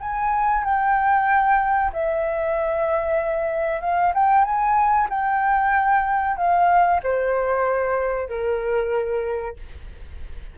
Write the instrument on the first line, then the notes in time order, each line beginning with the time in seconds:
flute
0.00 G#5
0.64 G5
1.93 E5
3.81 F5
4.14 G5
4.44 G#5
5.09 G5
6.37 F5
7.03 C5
8.29 A#4